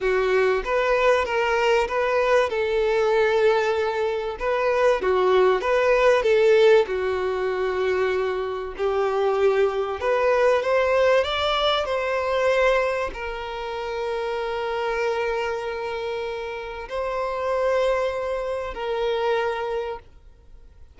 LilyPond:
\new Staff \with { instrumentName = "violin" } { \time 4/4 \tempo 4 = 96 fis'4 b'4 ais'4 b'4 | a'2. b'4 | fis'4 b'4 a'4 fis'4~ | fis'2 g'2 |
b'4 c''4 d''4 c''4~ | c''4 ais'2.~ | ais'2. c''4~ | c''2 ais'2 | }